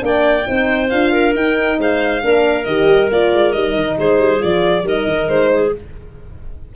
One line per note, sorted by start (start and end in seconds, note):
0.00 0.46 A#3
0.00 0.44 D4
0.00 0.48 D5
0.00 0.90 G5
0.47 0.93 C4
0.47 0.90 D#4
0.47 1.12 C5
0.90 1.35 D4
0.90 1.34 F4
0.90 1.34 F5
1.12 1.78 A#4
1.35 2.22 D#4
1.35 1.79 D#4
1.35 1.80 G5
1.79 2.23 G#3
1.79 2.23 C5
1.79 2.64 F5
2.22 2.67 A#3
2.22 2.66 D4
2.22 3.98 A#4
2.64 2.85 D#3
2.64 3.11 G4
2.64 3.08 D#5
2.85 3.07 G3
3.11 3.33 A#3
3.11 3.54 F4
3.11 3.53 D5
3.33 3.55 G#3
3.53 3.76 G3
3.53 4.40 D#4
3.53 3.97 D#5
3.76 3.98 D#3
3.98 4.19 G#3
3.98 4.85 G#4
3.98 4.43 C5
4.19 4.41 G3
4.40 4.83 F3
4.40 4.83 F4
4.40 4.87 D5
4.83 5.05 G3
4.83 5.72 D#4
4.83 5.51 A#4
4.83 5.29 D#5
5.07 5.29 D#3
5.29 5.73 G#3
5.29 5.73 C5
5.54 5.76 G#4